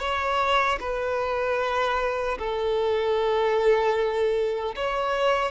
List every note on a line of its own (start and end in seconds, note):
0.00 0.79 C#5
0.80 2.38 B4
2.39 4.75 A4
4.76 5.52 C#5